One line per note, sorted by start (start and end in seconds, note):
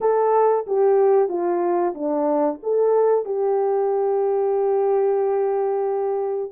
0.00 0.66 A4
0.66 1.29 G4
1.29 1.94 F4
1.94 2.59 D4
2.62 3.25 A4
3.25 6.51 G4